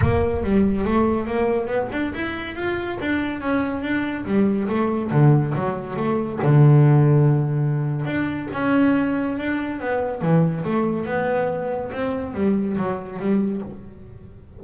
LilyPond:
\new Staff \with { instrumentName = "double bass" } { \time 4/4 \tempo 4 = 141 ais4 g4 a4 ais4 | b8 d'8 e'4 f'4 d'4 | cis'4 d'4 g4 a4 | d4 fis4 a4 d4~ |
d2. d'4 | cis'2 d'4 b4 | e4 a4 b2 | c'4 g4 fis4 g4 | }